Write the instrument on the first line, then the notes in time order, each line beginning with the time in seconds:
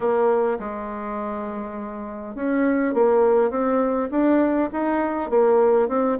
bassoon
0.00 A#3
0.59 G#3
2.35 C#4
2.94 A#3
3.50 C4
4.10 D4
4.72 D#4
5.30 A#3
5.88 C4